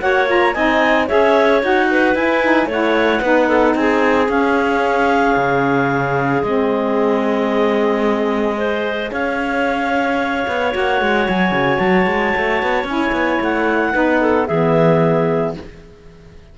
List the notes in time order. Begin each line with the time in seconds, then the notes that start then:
0.00 A#3 F#4 C#5 F#5
0.27 F4 A#5
0.54 C4 D#4 D#5 G#5
1.07 C#4 G#4 C#5 E5
1.62 D#4 F#4 F#5
1.91 B4
2.15 E4 G#5
2.43 D#4
2.66 A3 E4 C#5
2.72 F#5
3.21 B3 D#4 B4
3.48 A4
3.75 C4 G#4 G#5
4.28 C#4 F5
5.36 C#3
6.43 G#3 C4 D#5
8.58 G#4 C5
9.12 C#4 C#5 F5
10.48 B3
10.71 A#3 F#4 F#5
11.01 G#3
11.29 F#3 G#5
11.51 C#3
11.79 F#3 A5
12.07 G#3
12.37 A3
12.63 B3
12.84 C#4 E4 G#5
13.12 B3
13.41 A3 F#5
13.93 B3 D#4 B4
14.21 A4
14.47 E3 B3 G#4 E5